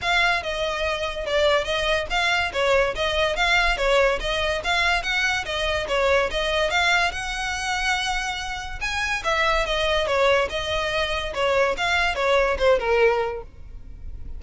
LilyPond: \new Staff \with { instrumentName = "violin" } { \time 4/4 \tempo 4 = 143 f''4 dis''2 d''4 | dis''4 f''4 cis''4 dis''4 | f''4 cis''4 dis''4 f''4 | fis''4 dis''4 cis''4 dis''4 |
f''4 fis''2.~ | fis''4 gis''4 e''4 dis''4 | cis''4 dis''2 cis''4 | f''4 cis''4 c''8 ais'4. | }